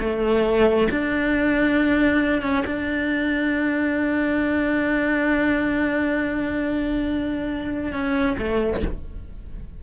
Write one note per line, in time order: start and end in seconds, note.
0.00 0.88 A3
0.91 2.42 D4
2.42 2.65 C#4
2.66 7.93 D4
7.93 8.37 C#4
8.39 8.83 A3